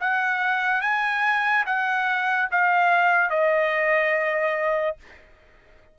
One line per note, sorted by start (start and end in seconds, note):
0.00 0.81 F#5
0.81 1.64 G#5
1.66 2.49 F#5
2.51 3.30 F5
3.30 4.97 D#5